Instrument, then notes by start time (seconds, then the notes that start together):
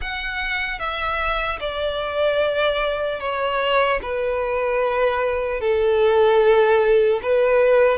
violin
0.01 F#5
0.79 E5
1.60 D5
3.20 C#5
4.02 B4
5.60 A4
7.22 B4